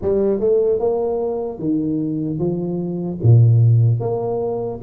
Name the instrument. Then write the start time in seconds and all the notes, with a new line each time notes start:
tuba
0.02 G3
0.40 A3
0.79 A#3
1.59 D#3
2.38 F3
3.22 A#2
4.00 A#3